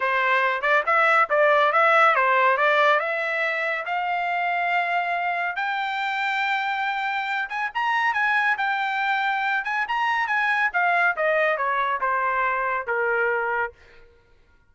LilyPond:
\new Staff \with { instrumentName = "trumpet" } { \time 4/4 \tempo 4 = 140 c''4. d''8 e''4 d''4 | e''4 c''4 d''4 e''4~ | e''4 f''2.~ | f''4 g''2.~ |
g''4. gis''8 ais''4 gis''4 | g''2~ g''8 gis''8 ais''4 | gis''4 f''4 dis''4 cis''4 | c''2 ais'2 | }